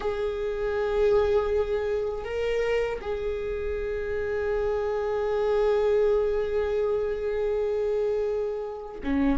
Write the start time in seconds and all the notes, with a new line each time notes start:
0.00 G#4
2.24 A#4
3.01 G#4
9.03 C#4